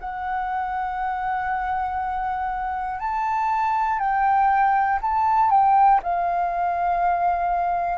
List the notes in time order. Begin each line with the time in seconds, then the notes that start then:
0.00 F#5
3.00 A5
4.00 G5
5.01 A5
5.50 G5
6.03 F5